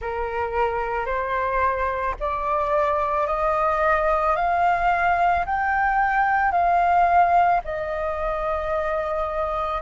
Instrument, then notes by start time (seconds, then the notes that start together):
flute
0.00 A#4
1.06 C5
2.20 D5
3.27 D#5
4.36 F5
5.45 G5
6.52 F5
7.64 D#5